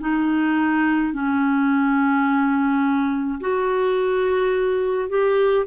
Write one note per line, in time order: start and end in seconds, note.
0.00 1.13 D#4
1.13 3.40 C#4
3.41 5.09 F#4
5.09 5.66 G4